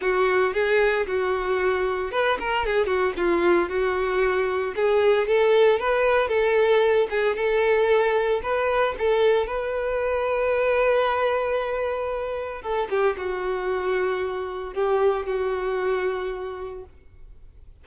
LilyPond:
\new Staff \with { instrumentName = "violin" } { \time 4/4 \tempo 4 = 114 fis'4 gis'4 fis'2 | b'8 ais'8 gis'8 fis'8 f'4 fis'4~ | fis'4 gis'4 a'4 b'4 | a'4. gis'8 a'2 |
b'4 a'4 b'2~ | b'1 | a'8 g'8 fis'2. | g'4 fis'2. | }